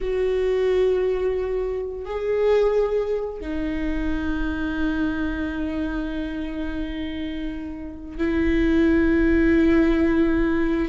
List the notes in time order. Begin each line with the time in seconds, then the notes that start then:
0.00 F#4
2.05 G#4
3.40 D#4
8.18 E4